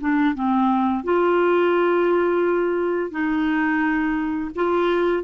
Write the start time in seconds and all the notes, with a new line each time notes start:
0.00 D4
0.34 C4
1.03 F4
3.11 D#4
4.55 F4